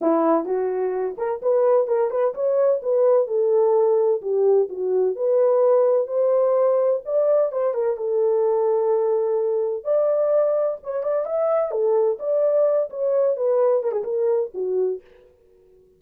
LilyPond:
\new Staff \with { instrumentName = "horn" } { \time 4/4 \tempo 4 = 128 e'4 fis'4. ais'8 b'4 | ais'8 b'8 cis''4 b'4 a'4~ | a'4 g'4 fis'4 b'4~ | b'4 c''2 d''4 |
c''8 ais'8 a'2.~ | a'4 d''2 cis''8 d''8 | e''4 a'4 d''4. cis''8~ | cis''8 b'4 ais'16 gis'16 ais'4 fis'4 | }